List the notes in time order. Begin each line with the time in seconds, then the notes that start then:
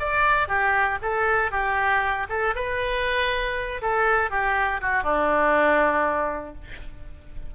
0.00 D5
0.48 G4
1.02 A4
1.51 G4
2.29 A4
2.55 B4
3.82 A4
4.31 G4
4.82 F#4
5.04 D4